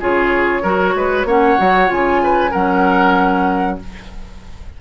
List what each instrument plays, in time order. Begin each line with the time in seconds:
0.00 bassoon C#3, clarinet F4, oboe G#4, flute C#5
0.62 bassoon F#3, clarinet F#4, oboe A#4
0.95 bassoon G#3, oboe B4
1.24 bassoon A#3, clarinet C#4, oboe C#5, flute F#5
1.58 bassoon F#3, clarinet F#4
1.87 bassoon C#3, clarinet F4, flute G#5
2.23 oboe B4
2.51 bassoon F#3, clarinet C#4, oboe A#4, flute F#5